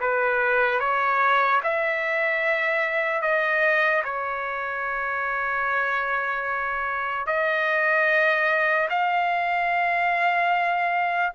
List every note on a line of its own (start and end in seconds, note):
0.00 0.80 B4
0.80 1.61 C#5
1.63 3.22 E5
3.22 4.03 D#5
4.04 7.26 C#5
7.26 8.89 D#5
8.90 11.33 F5